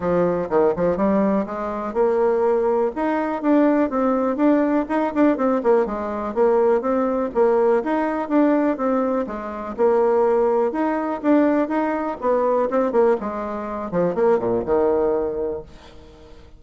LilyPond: \new Staff \with { instrumentName = "bassoon" } { \time 4/4 \tempo 4 = 123 f4 dis8 f8 g4 gis4 | ais2 dis'4 d'4 | c'4 d'4 dis'8 d'8 c'8 ais8 | gis4 ais4 c'4 ais4 |
dis'4 d'4 c'4 gis4 | ais2 dis'4 d'4 | dis'4 b4 c'8 ais8 gis4~ | gis8 f8 ais8 ais,8 dis2 | }